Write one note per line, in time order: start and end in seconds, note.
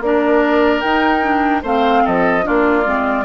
0.00 0.81 A#3
0.00 0.83 D4
0.00 1.62 A#4
0.00 0.80 D5
0.80 1.22 D#4
0.80 1.63 D#4
0.80 1.61 G5
1.22 1.62 D4
1.62 2.04 A3
1.62 2.43 C4
1.62 2.03 C5
1.62 2.06 F5
2.04 2.47 F3
2.04 2.45 A4
2.04 2.46 D#5
2.43 2.86 A#3
2.43 2.83 D4
2.43 3.24 F4
2.43 3.24 D5
2.84 3.24 G#3
2.84 3.24 C4